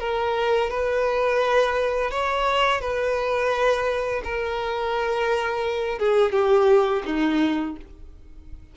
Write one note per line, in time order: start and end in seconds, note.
0.00 0.70 A#4
0.70 2.11 B4
2.11 2.81 C#5
2.81 4.22 B4
4.24 5.99 A#4
5.99 6.32 G#4
6.32 7.03 G4
7.06 7.76 D#4